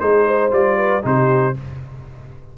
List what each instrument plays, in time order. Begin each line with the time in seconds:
0.00 tuba G#3, trombone D#4, horn G#4, trumpet C5
0.27 horn C5
0.51 tuba G3, trombone F4, trumpet D5
0.77 horn B4
1.03 tuba C3, trombone D#4, horn G4, trumpet C5